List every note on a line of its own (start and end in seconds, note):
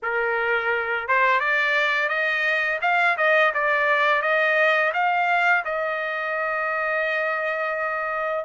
0.02 1.07 A#4
1.07 1.40 C5
1.40 2.08 D5
2.08 2.79 D#5
2.81 3.16 F5
3.17 3.52 D#5
3.54 4.22 D5
4.22 4.92 D#5
4.93 5.64 F5
5.64 8.45 D#5